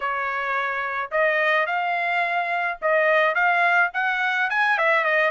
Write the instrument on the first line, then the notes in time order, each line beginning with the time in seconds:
trumpet
0.00 C#5
1.11 D#5
1.66 F5
2.81 D#5
3.34 F5
3.93 F#5
4.50 G#5
4.77 E5
5.04 D#5